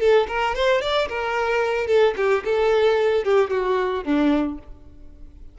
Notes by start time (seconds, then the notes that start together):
0.00 A4
0.28 A#4
0.55 C5
0.82 D5
1.09 A#4
1.87 A4
2.17 G4
2.45 A4
3.25 G4
3.50 F#4
4.05 D4